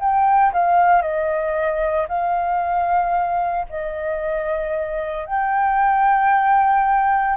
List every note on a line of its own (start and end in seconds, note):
0.00 0.53 G5
0.54 1.02 F5
1.02 2.07 D#5
2.09 3.67 F5
3.70 5.26 D#5
5.26 7.37 G5